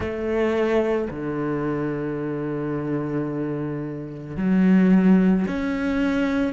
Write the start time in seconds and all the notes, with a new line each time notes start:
0.00 A3
1.10 D3
4.36 F#3
5.47 C#4